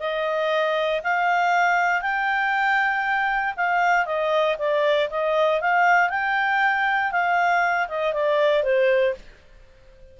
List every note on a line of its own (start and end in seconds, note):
0.00 1.02 D#5
1.04 2.02 F5
2.02 3.55 G5
3.57 4.06 F5
4.06 4.57 D#5
4.59 5.10 D5
5.10 5.61 D#5
5.61 6.10 F5
6.10 7.12 G5
7.12 7.88 F5
7.89 8.14 D#5
8.14 8.64 D5
8.64 9.15 C5